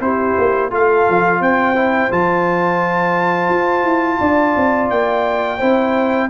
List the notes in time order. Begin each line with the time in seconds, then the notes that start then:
0.00 C4 E4 G4 C5
0.38 A#3
0.70 A3 F4 A4 F5
1.09 F3
1.40 C4 C5 G5
1.75 E4
2.10 F3 F4 A5
3.49 F4
3.83 E4
4.20 D4 D5
4.56 C4
4.90 A#3 G5
5.57 C4 E4 C5